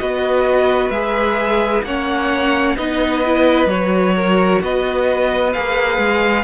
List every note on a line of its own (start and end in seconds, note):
0.00 0.90 B3
0.00 0.92 F#4
0.00 1.86 B4
0.00 0.90 D#5
0.90 1.82 G#3
0.90 1.86 G#4
0.90 1.83 E5
1.84 2.76 A#3
1.84 2.77 C#4
1.84 2.77 C#5
1.84 2.77 F#5
2.77 3.66 B3
2.77 3.23 D#4
2.77 4.15 B4
2.77 3.70 D#5
3.26 3.68 E4
3.66 4.58 F#3
3.66 5.52 F#4
3.66 4.62 C#5
4.16 4.62 A#4
4.62 5.55 B3
4.62 6.45 B4
4.62 5.53 D#5
5.53 5.98 A#3
5.53 6.45 G#4
5.53 6.45 F5
5.98 6.44 G#3